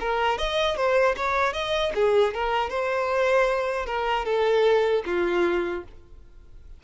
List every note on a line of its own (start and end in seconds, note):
0.00 0.38 A#4
0.38 0.77 D#5
0.77 1.15 C5
1.17 1.53 C#5
1.53 1.92 D#5
1.95 2.34 G#4
2.34 2.70 A#4
2.70 3.86 C5
3.86 4.25 A#4
4.25 5.03 A4
5.06 5.84 F4